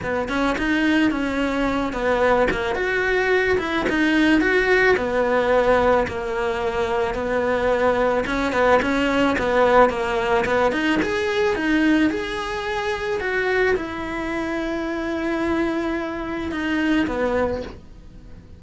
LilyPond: \new Staff \with { instrumentName = "cello" } { \time 4/4 \tempo 4 = 109 b8 cis'8 dis'4 cis'4. b8~ | b8 ais8 fis'4. e'8 dis'4 | fis'4 b2 ais4~ | ais4 b2 cis'8 b8 |
cis'4 b4 ais4 b8 dis'8 | gis'4 dis'4 gis'2 | fis'4 e'2.~ | e'2 dis'4 b4 | }